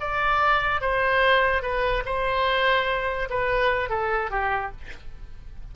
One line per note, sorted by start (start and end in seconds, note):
0.00 0.81 D5
0.81 1.62 C5
1.62 2.03 B4
2.05 3.29 C5
3.30 3.89 B4
3.89 4.30 A4
4.30 4.71 G4